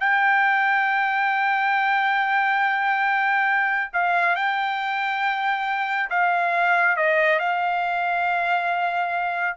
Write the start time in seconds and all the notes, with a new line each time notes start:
0.00 G5
3.93 F5
4.36 G5
6.10 F5
6.96 D#5
7.39 F5